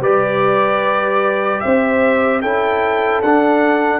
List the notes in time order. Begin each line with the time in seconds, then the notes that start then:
0.00 G3 G4 B4 D5
1.60 C4 C5 E5
2.41 C#4 E4 A4 G5
3.22 D4 F#5